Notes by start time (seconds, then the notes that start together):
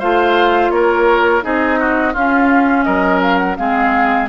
0.00 A3 F4 C5 F5
0.71 A#3 A#4 C#5
1.42 C4 D#4 G#4 D#5
1.80 F#4
2.14 C#4 F4 F5
2.84 F#3 A#4 D#5
3.23 F5
3.38 F#5
3.57 G#3 C4 G#4 F5